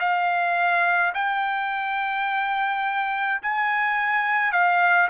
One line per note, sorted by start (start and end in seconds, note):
0.00 1.13 F5
1.14 3.41 G5
3.42 4.52 G#5
4.52 5.08 F5